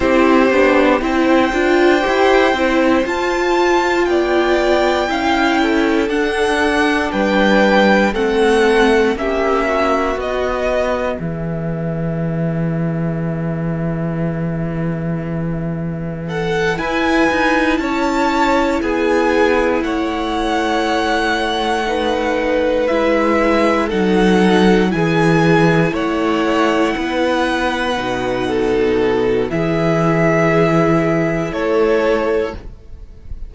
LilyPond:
<<
  \new Staff \with { instrumentName = "violin" } { \time 4/4 \tempo 4 = 59 c''4 g''2 a''4 | g''2 fis''4 g''4 | fis''4 e''4 dis''4 e''4~ | e''1 |
fis''8 gis''4 a''4 gis''4 fis''8~ | fis''2~ fis''8 e''4 fis''8~ | fis''8 gis''4 fis''2~ fis''8~ | fis''4 e''2 cis''4 | }
  \new Staff \with { instrumentName = "violin" } { \time 4/4 g'4 c''2. | d''4 f''8 a'4. b'4 | a'4 g'8 fis'4. gis'4~ | gis'1 |
a'8 b'4 cis''4 gis'4 cis''8~ | cis''4. b'2 a'8~ | a'8 gis'4 cis''4 b'4. | a'4 gis'2 a'4 | }
  \new Staff \with { instrumentName = "viola" } { \time 4/4 e'8 d'8 e'8 f'8 g'8 e'8 f'4~ | f'4 e'4 d'2 | c'4 cis'4 b2~ | b1~ |
b8 e'2.~ e'8~ | e'4. dis'4 e'4 dis'8~ | dis'8 e'2. dis'8~ | dis'4 e'2. | }
  \new Staff \with { instrumentName = "cello" } { \time 4/4 c'8 b8 c'8 d'8 e'8 c'8 f'4 | b4 cis'4 d'4 g4 | a4 ais4 b4 e4~ | e1~ |
e8 e'8 dis'8 cis'4 b4 a8~ | a2~ a8 gis4 fis8~ | fis8 e4 a4 b4 b,8~ | b,4 e2 a4 | }
>>